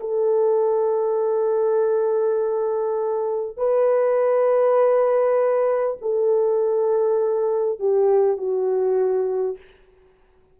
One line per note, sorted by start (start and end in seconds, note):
0.00 3.57 A4
3.57 5.97 B4
6.02 7.79 A4
7.79 8.37 G4
8.37 9.57 F#4